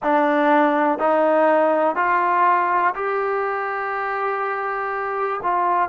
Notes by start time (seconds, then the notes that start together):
0.02 D4
0.98 D#4
1.95 F4
2.94 G4
5.42 F4